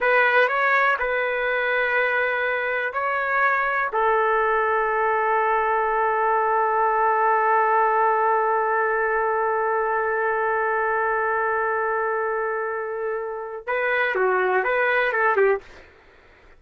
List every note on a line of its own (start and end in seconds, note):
0.00 0.48 B4
0.48 0.96 C#5
0.99 2.93 B4
2.93 3.90 C#5
3.92 13.67 A4
13.67 14.15 B4
14.15 14.64 F#4
14.64 15.12 B4
15.12 15.36 A4
15.36 15.61 G4